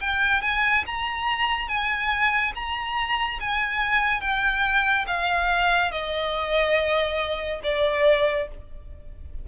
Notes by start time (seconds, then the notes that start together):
0.00 G5
0.42 G#5
0.86 A#5
1.68 G#5
2.55 A#5
3.40 G#5
4.21 G5
5.07 F5
5.92 D#5
7.63 D5